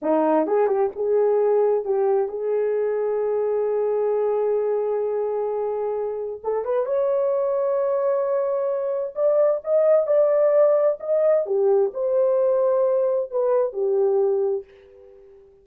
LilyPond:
\new Staff \with { instrumentName = "horn" } { \time 4/4 \tempo 4 = 131 dis'4 gis'8 g'8 gis'2 | g'4 gis'2.~ | gis'1~ | gis'2 a'8 b'8 cis''4~ |
cis''1 | d''4 dis''4 d''2 | dis''4 g'4 c''2~ | c''4 b'4 g'2 | }